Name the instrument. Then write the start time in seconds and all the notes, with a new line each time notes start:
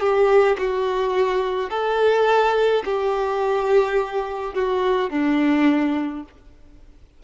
violin
0.00 G4
0.58 F#4
1.70 A4
2.85 G4
4.54 F#4
5.09 D4